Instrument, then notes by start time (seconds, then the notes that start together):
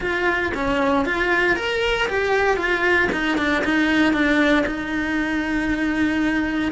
cello
0.00 F4
0.54 C#4
1.05 F4
1.56 A#4
2.08 G4
2.57 F4
3.12 D#4
3.37 D4
3.64 D#4
4.13 D4
4.66 D#4